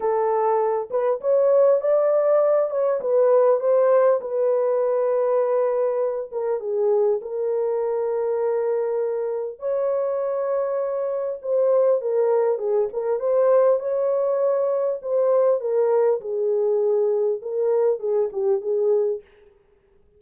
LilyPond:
\new Staff \with { instrumentName = "horn" } { \time 4/4 \tempo 4 = 100 a'4. b'8 cis''4 d''4~ | d''8 cis''8 b'4 c''4 b'4~ | b'2~ b'8 ais'8 gis'4 | ais'1 |
cis''2. c''4 | ais'4 gis'8 ais'8 c''4 cis''4~ | cis''4 c''4 ais'4 gis'4~ | gis'4 ais'4 gis'8 g'8 gis'4 | }